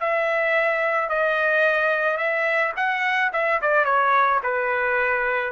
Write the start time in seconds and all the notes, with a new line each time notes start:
0.00 E5
1.09 D#5
2.17 E5
2.76 F#5
3.33 E5
3.62 D5
3.85 C#5
4.43 B4